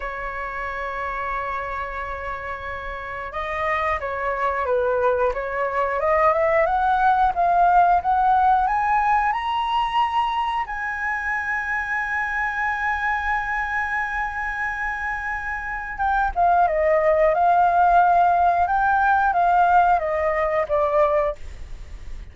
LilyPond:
\new Staff \with { instrumentName = "flute" } { \time 4/4 \tempo 4 = 90 cis''1~ | cis''4 dis''4 cis''4 b'4 | cis''4 dis''8 e''8 fis''4 f''4 | fis''4 gis''4 ais''2 |
gis''1~ | gis''1 | g''8 f''8 dis''4 f''2 | g''4 f''4 dis''4 d''4 | }